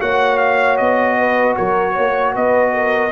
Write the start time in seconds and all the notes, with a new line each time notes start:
0.00 A#3 F#4 C#5 F#5
0.37 F5
0.77 B3 D#5
1.18 B4
1.56 F#3 A#4 C#5
1.92 A#3 C#5
2.33 B3 B4 D#5
2.73 A#4